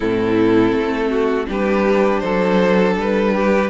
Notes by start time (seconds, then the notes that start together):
0.00 A2 C4 E4 A4
0.72 A3
1.09 F#4
1.46 G3 D4 G4 B4
2.19 F#3 A4 C5
2.96 G3 B4
3.33 G4